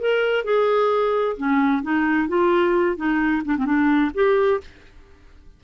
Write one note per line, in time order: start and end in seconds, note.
0.00 0.44 A#4
0.44 1.37 G#4
1.37 1.83 C#4
1.83 2.28 D#4
2.28 2.97 F4
2.97 3.43 D#4
3.45 3.57 D4
3.57 3.65 C4
3.65 4.12 D4
4.15 4.61 G4